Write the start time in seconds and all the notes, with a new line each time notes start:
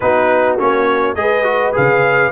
0.00 B3 D#4 F#4 B4
0.58 A#3 C#4 C#5
1.15 G#3 G#4 B4 D#5
1.43 F#4
1.73 C#3 G#4 F5